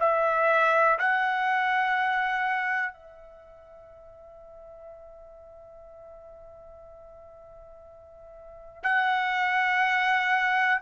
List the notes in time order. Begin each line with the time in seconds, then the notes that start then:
0.00 E5
0.99 F#5
2.94 E5
8.83 F#5